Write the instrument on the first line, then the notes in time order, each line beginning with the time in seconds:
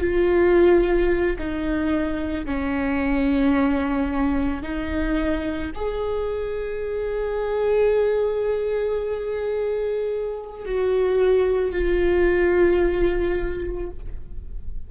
viola
0.00 F4
1.38 D#4
2.45 C#4
4.62 D#4
5.74 G#4
10.65 F#4
11.71 F4